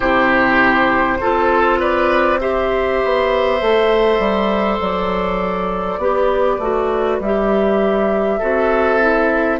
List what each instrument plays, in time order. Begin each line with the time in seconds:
0.00 bassoon C3, clarinet E4, oboe G4, flute C5
1.20 bassoon C4, clarinet F4, oboe A4
1.79 oboe B4, flute D5
2.40 clarinet G4, oboe C5, flute E5
3.03 bassoon B3
3.61 bassoon A3, clarinet A4
4.19 bassoon G3
4.79 bassoon F#3, flute D5
5.98 bassoon B3, clarinet G4, oboe B4
6.58 bassoon A3, clarinet F#4
7.19 bassoon G3, clarinet G4, flute E5
8.38 bassoon C4, clarinet F#4, oboe A4
9.00 clarinet E4